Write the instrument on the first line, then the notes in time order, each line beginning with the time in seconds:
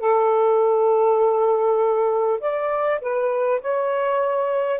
saxophone
0.00 A4
2.40 D5
3.01 B4
3.61 C#5